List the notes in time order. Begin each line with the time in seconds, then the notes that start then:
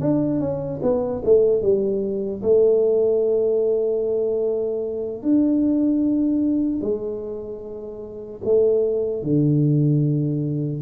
0.00 D4
0.40 C#4
0.83 B3
1.25 A3
1.62 G3
2.43 A3
5.23 D4
6.81 G#3
8.44 A3
9.23 D3